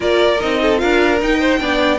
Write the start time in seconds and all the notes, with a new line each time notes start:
0.00 A#3 F4 A#4 D5
0.39 C4 D#4 D#5
0.61 A4
0.77 D4 F4 A#4 F5
1.21 D#4 G5
1.39 C5
1.58 B3 D4 D5